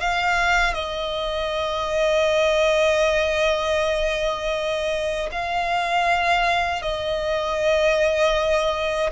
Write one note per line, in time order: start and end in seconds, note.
0.00 0.74 F5
0.74 5.30 D#5
5.32 6.82 F5
6.82 9.10 D#5